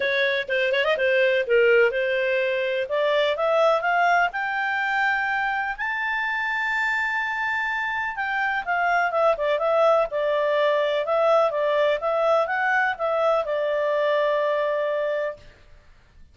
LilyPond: \new Staff \with { instrumentName = "clarinet" } { \time 4/4 \tempo 4 = 125 cis''4 c''8 cis''16 dis''16 c''4 ais'4 | c''2 d''4 e''4 | f''4 g''2. | a''1~ |
a''4 g''4 f''4 e''8 d''8 | e''4 d''2 e''4 | d''4 e''4 fis''4 e''4 | d''1 | }